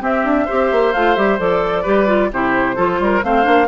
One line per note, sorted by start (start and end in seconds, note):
0.00 0.46 C4
0.00 0.24 C4
0.00 0.45 G4
0.00 0.93 E5
0.24 0.47 D4
0.45 0.94 G4
0.45 1.82 C5
0.51 0.71 C4
0.71 0.94 A#3
0.93 1.17 A3
0.93 1.16 F4
0.93 1.16 F5
1.16 1.39 G3
1.16 1.38 G4
1.16 1.39 E5
1.39 1.85 F3
1.39 1.85 A4
1.39 2.31 D5
1.82 2.31 G3
1.82 2.07 G4
1.82 2.28 B4
2.07 2.30 F4
2.31 2.77 C3
2.31 2.76 E4
2.31 2.76 G4
2.31 3.24 C5
2.76 2.99 F3
2.76 3.22 F4
2.76 2.99 A4
2.99 3.22 G3
2.99 3.25 A#4
3.22 3.46 A3
3.22 3.42 C4
3.22 3.68 C5
3.22 3.68 F5
3.42 3.68 A#3
3.42 3.65 D4